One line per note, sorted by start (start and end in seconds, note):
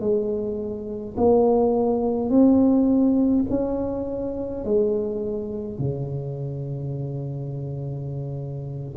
0.00 1.15 G#3
1.17 2.30 A#3
2.30 3.45 C4
3.50 4.65 C#4
4.65 5.78 G#3
5.78 8.96 C#3